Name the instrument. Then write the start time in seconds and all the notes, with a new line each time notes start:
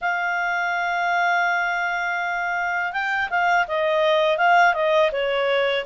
clarinet
0.01 F5
2.92 G5
3.29 F5
3.67 D#5
4.37 F5
4.74 D#5
5.12 C#5